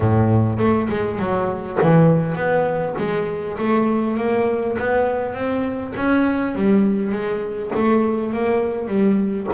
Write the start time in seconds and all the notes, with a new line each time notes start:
0.00 A2
0.58 A3
0.89 G#3
1.19 F#3
1.81 E3
2.35 B3
2.98 G#3
3.58 A3
4.17 A#3
4.78 B3
5.34 C4
5.95 C#4
6.55 G3
7.12 G#3
7.74 A3
8.33 A#3
8.87 G3